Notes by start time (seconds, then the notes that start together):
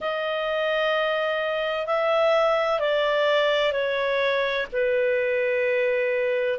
0.00 D#5
1.86 E5
2.79 D5
3.72 C#5
4.72 B4